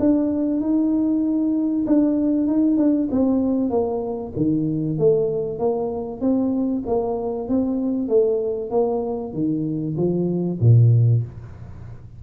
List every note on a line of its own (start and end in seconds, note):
0.00 0.61 D4
0.61 1.86 D#4
1.87 2.47 D4
2.47 2.78 D#4
2.78 3.09 D4
3.12 3.70 C4
3.70 4.33 A#3
4.37 4.99 D#3
4.99 5.59 A3
5.59 6.21 A#3
6.21 6.84 C4
6.87 7.49 A#3
7.49 8.09 C4
8.09 8.71 A3
8.71 9.34 A#3
9.34 9.96 D#3
9.97 10.60 F3
10.61 11.23 A#2